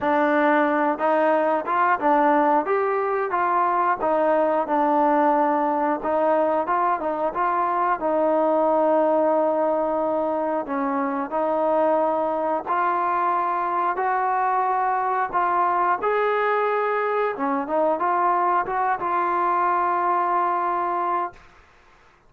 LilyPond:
\new Staff \with { instrumentName = "trombone" } { \time 4/4 \tempo 4 = 90 d'4. dis'4 f'8 d'4 | g'4 f'4 dis'4 d'4~ | d'4 dis'4 f'8 dis'8 f'4 | dis'1 |
cis'4 dis'2 f'4~ | f'4 fis'2 f'4 | gis'2 cis'8 dis'8 f'4 | fis'8 f'2.~ f'8 | }